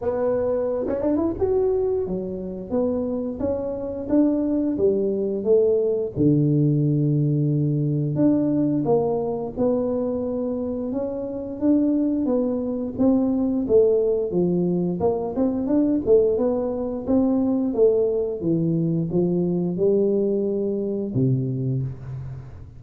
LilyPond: \new Staff \with { instrumentName = "tuba" } { \time 4/4 \tempo 4 = 88 b4~ b16 cis'16 d'16 e'16 fis'4 fis4 | b4 cis'4 d'4 g4 | a4 d2. | d'4 ais4 b2 |
cis'4 d'4 b4 c'4 | a4 f4 ais8 c'8 d'8 a8 | b4 c'4 a4 e4 | f4 g2 c4 | }